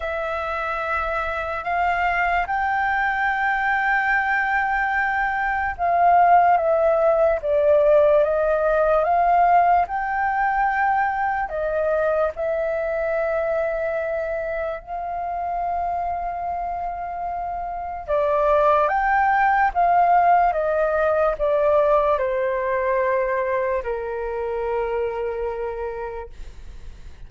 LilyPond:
\new Staff \with { instrumentName = "flute" } { \time 4/4 \tempo 4 = 73 e''2 f''4 g''4~ | g''2. f''4 | e''4 d''4 dis''4 f''4 | g''2 dis''4 e''4~ |
e''2 f''2~ | f''2 d''4 g''4 | f''4 dis''4 d''4 c''4~ | c''4 ais'2. | }